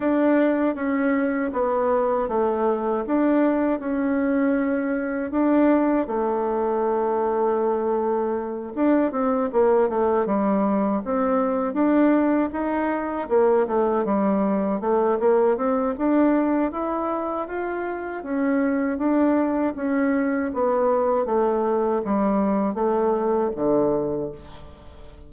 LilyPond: \new Staff \with { instrumentName = "bassoon" } { \time 4/4 \tempo 4 = 79 d'4 cis'4 b4 a4 | d'4 cis'2 d'4 | a2.~ a8 d'8 | c'8 ais8 a8 g4 c'4 d'8~ |
d'8 dis'4 ais8 a8 g4 a8 | ais8 c'8 d'4 e'4 f'4 | cis'4 d'4 cis'4 b4 | a4 g4 a4 d4 | }